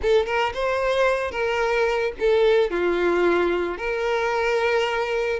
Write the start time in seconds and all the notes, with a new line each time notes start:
0.01 A4
0.26 A#4
0.54 C5
1.31 A#4
2.19 A4
2.70 F4
3.77 A#4